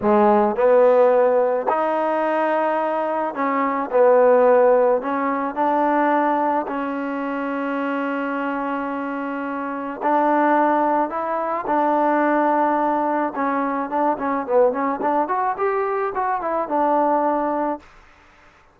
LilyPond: \new Staff \with { instrumentName = "trombone" } { \time 4/4 \tempo 4 = 108 gis4 b2 dis'4~ | dis'2 cis'4 b4~ | b4 cis'4 d'2 | cis'1~ |
cis'2 d'2 | e'4 d'2. | cis'4 d'8 cis'8 b8 cis'8 d'8 fis'8 | g'4 fis'8 e'8 d'2 | }